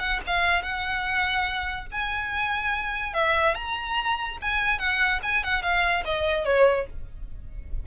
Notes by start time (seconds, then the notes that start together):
0.00 F#5
0.27 F5
0.63 F#5
1.92 G#5
3.14 E5
3.55 A#5
4.42 G#5
4.79 F#5
5.23 G#5
5.44 F#5
5.63 F5
6.05 D#5
6.46 C#5